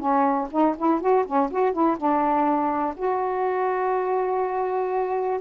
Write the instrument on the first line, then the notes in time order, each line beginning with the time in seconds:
saxophone
0.00 C#4
0.51 D#4
0.78 E4
1.01 F#4
1.26 C#4
1.51 F#4
1.73 E4
1.98 D4
2.97 F#4